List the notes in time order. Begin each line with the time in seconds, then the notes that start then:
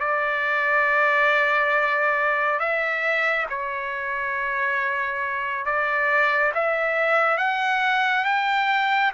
0.00 D5
2.59 E5
3.49 C#5
5.65 D5
6.54 E5
7.38 F#5
8.25 G5